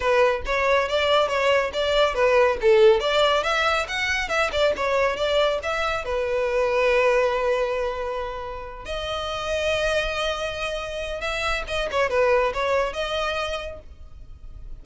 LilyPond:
\new Staff \with { instrumentName = "violin" } { \time 4/4 \tempo 4 = 139 b'4 cis''4 d''4 cis''4 | d''4 b'4 a'4 d''4 | e''4 fis''4 e''8 d''8 cis''4 | d''4 e''4 b'2~ |
b'1~ | b'8 dis''2.~ dis''8~ | dis''2 e''4 dis''8 cis''8 | b'4 cis''4 dis''2 | }